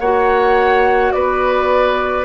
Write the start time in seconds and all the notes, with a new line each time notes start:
0.00 A#3 F#4 C#5 F#5
1.12 B3 B4 D5